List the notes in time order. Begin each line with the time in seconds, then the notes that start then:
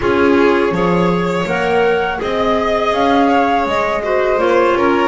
0.00 C#4 F4 G#4 C#5
0.71 F3 G#4 C#5
1.46 A#3 A#4 F#5
2.17 C4 G#4 D#5
2.92 C#4 F5
3.28 C#5
3.65 G#3 D#5
4.03 F#4 C5
4.37 A#3 F4 C#5
4.76 C#4 A#4